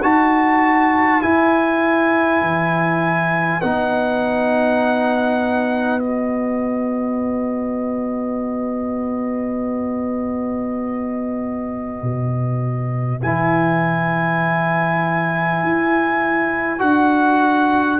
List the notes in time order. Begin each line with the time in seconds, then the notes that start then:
0.00 D#4 F#4 B4 A5
1.22 E4 G#5
2.41 E3
3.61 B3 D#4 F#5
6.00 F#4 D#5
12.02 B2
13.22 E3 E4 G#5
15.63 E4
16.79 D4 F#4 F#5